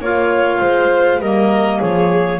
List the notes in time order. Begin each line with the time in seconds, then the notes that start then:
0.00 A#3 F4 C#5 F5
0.60 G#3 C5
1.20 G3 A#3 A#4 D#5
1.79 F3 G#4 C#5